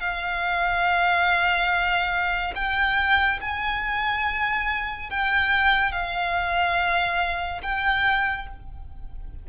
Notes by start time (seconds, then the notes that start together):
0.00 F5
2.55 G5
3.41 G#5
5.10 G5
5.92 F5
7.62 G5